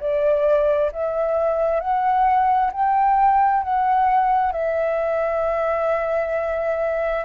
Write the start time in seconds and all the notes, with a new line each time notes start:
0.00 D5
0.92 E5
1.80 F#5
2.72 G5
3.63 F#5
4.52 E5